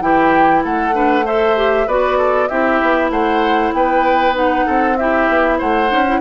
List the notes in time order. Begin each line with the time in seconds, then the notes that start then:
0.00 E3 E4 G4 G5
0.64 A3 A4 F#5
0.93 D4 B4
1.25 A4 C5 E5
1.56 G4
1.87 B3 F#4 B4 D5
2.18 A4
2.48 C4 E4 G4 E5
2.82 B3
3.10 A3 C5 F#5
3.73 B3 B4 G5
4.33 D#4 F#5
4.66 C4 A4
4.97 E4 G4 E5
5.29 B3
5.58 A3 C5 F#5
5.87 C#4 D#4
6.07 E4